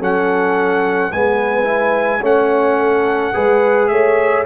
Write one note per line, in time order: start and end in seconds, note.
0.00 1.12 F#3
0.00 1.12 C#4
0.00 1.11 A4
0.00 1.12 F#5
1.12 2.22 G#3
1.12 1.64 B3
1.12 2.21 B4
1.12 2.23 G#5
1.64 2.20 E4
2.21 3.33 A3
2.21 3.34 C#4
2.21 2.77 C#5
2.21 3.88 F#5
2.80 3.34 A4
3.34 3.91 G#3
3.34 4.45 G#4
3.34 3.90 B4
3.88 4.46 A3
3.88 4.46 C#5
3.88 4.44 E5